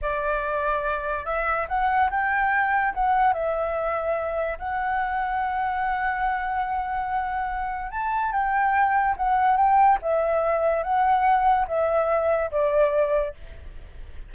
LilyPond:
\new Staff \with { instrumentName = "flute" } { \time 4/4 \tempo 4 = 144 d''2. e''4 | fis''4 g''2 fis''4 | e''2. fis''4~ | fis''1~ |
fis''2. a''4 | g''2 fis''4 g''4 | e''2 fis''2 | e''2 d''2 | }